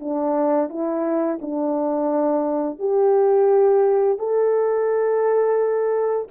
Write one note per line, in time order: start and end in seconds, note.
0.00 0.70 D4
0.70 1.40 E4
1.42 2.79 D4
2.79 4.19 G4
4.19 6.28 A4